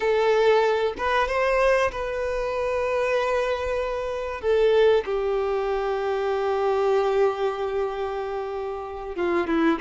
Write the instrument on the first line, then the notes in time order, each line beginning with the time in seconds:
violin
0.00 A4
0.97 B4
1.27 C5
1.91 B4
4.41 A4
5.05 G4
9.16 F4
9.47 E4